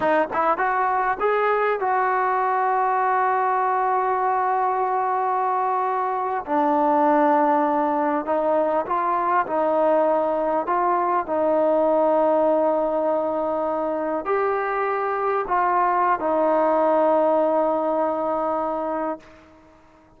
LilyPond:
\new Staff \with { instrumentName = "trombone" } { \time 4/4 \tempo 4 = 100 dis'8 e'8 fis'4 gis'4 fis'4~ | fis'1~ | fis'2~ fis'8. d'4~ d'16~ | d'4.~ d'16 dis'4 f'4 dis'16~ |
dis'4.~ dis'16 f'4 dis'4~ dis'16~ | dis'2.~ dis'8. g'16~ | g'4.~ g'16 f'4~ f'16 dis'4~ | dis'1 | }